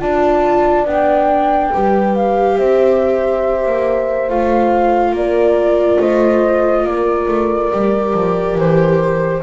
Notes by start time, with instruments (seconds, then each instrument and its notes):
0.00 double bass D4, viola F4, horn D5, flute A5
0.86 double bass B3, viola D4, flute G5
1.73 double bass G3, viola G4, horn B4
2.15 flute F5
2.58 double bass C4, horn C5, flute E5
3.66 double bass A#3
4.29 double bass A3, viola F4, flute F5
5.12 double bass A#3, horn A#4, flute D5
6.00 double bass A3, horn C5, flute D#5
6.84 double bass A#3, horn A#4, flute D5
7.28 double bass A3
7.72 double bass G3, viola G4
8.14 double bass F3
8.56 double bass E3, flute C5